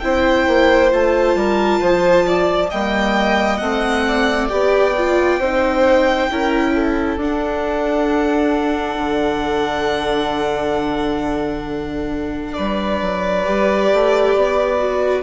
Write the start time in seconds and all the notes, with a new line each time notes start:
0.00 C4 E4 C5 G5
0.47 A#3
0.91 A3 F4 A5
1.35 G3 A#4
1.81 F3 C5
2.26 D5
2.69 G3 A#3 D#5 G5
3.58 A3 C4 F#5
4.07 D5
4.48 B3 G4 G5
4.97 F4
5.39 C4 D#4 C5
6.30 C#4 E4 A#4
6.74 A4
7.17 D4 F#5
8.97 D3
12.53 G3 B4 D5
13.01 F#3
13.45 G3 G4
13.93 A3
14.35 B3
14.78 F#4